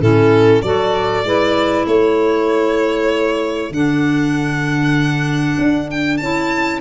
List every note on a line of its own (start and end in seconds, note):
0.00 0.62 A2
0.00 0.63 C#4
0.00 0.62 E4
0.00 0.62 A4
0.62 1.23 F#3
0.62 1.25 F#4
0.62 1.26 A4
0.62 1.86 D5
1.23 1.85 G#3
1.23 3.72 E4
1.23 1.87 B4
1.86 3.70 A3
1.86 6.81 A4
1.86 3.73 C#5
3.70 5.56 D3
3.70 6.21 D4
3.70 5.90 F#5
5.58 6.20 D4
5.91 6.17 G5
6.17 6.81 C#4
6.17 6.81 E4
6.17 6.79 A5